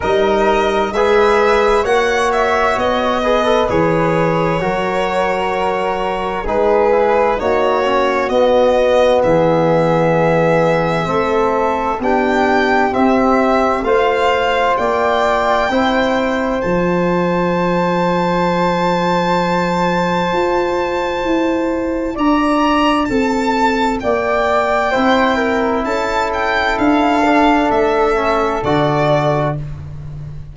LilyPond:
<<
  \new Staff \with { instrumentName = "violin" } { \time 4/4 \tempo 4 = 65 dis''4 e''4 fis''8 e''8 dis''4 | cis''2. b'4 | cis''4 dis''4 e''2~ | e''4 g''4 e''4 f''4 |
g''2 a''2~ | a''1 | ais''4 a''4 g''2 | a''8 g''8 f''4 e''4 d''4 | }
  \new Staff \with { instrumentName = "flute" } { \time 4/4 ais'4 b'4 cis''4. b'8~ | b'4 ais'2 gis'4 | fis'2 gis'2 | a'4 g'2 c''4 |
d''4 c''2.~ | c''1 | d''4 a'4 d''4 c''8 ais'8 | a'1 | }
  \new Staff \with { instrumentName = "trombone" } { \time 4/4 dis'4 gis'4 fis'4. gis'16 a'16 | gis'4 fis'2 dis'8 e'8 | dis'8 cis'8 b2. | c'4 d'4 c'4 f'4~ |
f'4 e'4 f'2~ | f'1~ | f'2. e'4~ | e'4. d'4 cis'8 fis'4 | }
  \new Staff \with { instrumentName = "tuba" } { \time 4/4 g4 gis4 ais4 b4 | e4 fis2 gis4 | ais4 b4 e2 | a4 b4 c'4 a4 |
ais4 c'4 f2~ | f2 f'4 e'4 | d'4 c'4 ais4 c'4 | cis'4 d'4 a4 d4 | }
>>